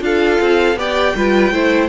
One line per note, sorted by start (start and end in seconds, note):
0.00 0.39 D4
0.00 0.75 F4
0.00 0.79 A4
0.00 0.79 F5
0.41 0.76 C4
0.76 1.13 B3
0.76 1.16 G4
0.76 1.16 D5
0.76 1.89 G5
1.15 1.51 G3
1.15 1.53 F4
1.15 1.53 B4
1.51 1.89 A3
1.51 1.89 E4
1.51 1.89 C5